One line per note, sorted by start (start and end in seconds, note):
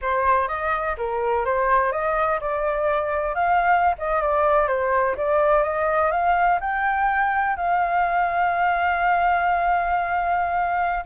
0.01 0.48 C5
0.48 0.96 D#5
0.97 1.45 A#4
1.45 1.91 C5
1.91 2.39 D#5
2.40 3.35 D5
3.35 3.95 F5
3.98 4.21 D#5
4.21 4.67 D5
4.67 5.15 C5
5.17 5.63 D5
5.63 6.11 D#5
6.11 6.59 F5
6.60 7.56 G5
7.56 11.04 F5